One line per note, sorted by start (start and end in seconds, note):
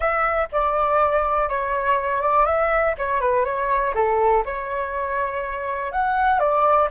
0.00 0.48 E5
0.51 1.49 D5
1.49 2.21 C#5
2.21 2.45 D5
2.45 2.94 E5
2.98 3.20 C#5
3.20 3.44 B4
3.44 3.93 C#5
3.95 4.44 A4
4.45 5.92 C#5
5.92 6.39 F#5
6.39 6.88 D5